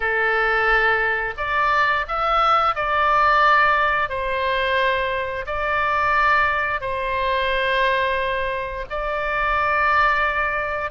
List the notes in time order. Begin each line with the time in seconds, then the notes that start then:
0.00 A4
1.37 D5
2.08 E5
2.75 D5
4.09 C5
5.46 D5
6.81 C5
8.89 D5